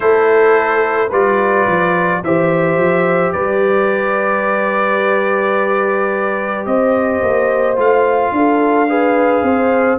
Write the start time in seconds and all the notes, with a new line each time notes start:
0.00 A3 E4 A4 C5
1.08 G3 F4 B4 D5
1.66 F3
2.23 E3 G4 C5 E5
2.77 F3
3.32 G3 B4 D5
6.66 C4 C5 D#5
7.22 A#3
7.76 A3 F4 F5
8.31 D4 A4
8.88 G#4 B4
9.42 C4 C5